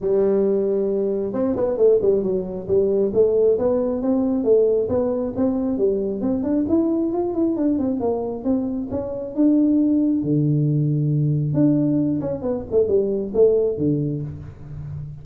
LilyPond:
\new Staff \with { instrumentName = "tuba" } { \time 4/4 \tempo 4 = 135 g2. c'8 b8 | a8 g8 fis4 g4 a4 | b4 c'4 a4 b4 | c'4 g4 c'8 d'8 e'4 |
f'8 e'8 d'8 c'8 ais4 c'4 | cis'4 d'2 d4~ | d2 d'4. cis'8 | b8 a8 g4 a4 d4 | }